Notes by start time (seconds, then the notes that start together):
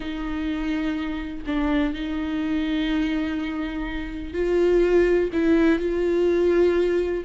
0.00 D#4
1.46 D4
1.93 D#4
4.33 F4
5.32 E4
5.79 F4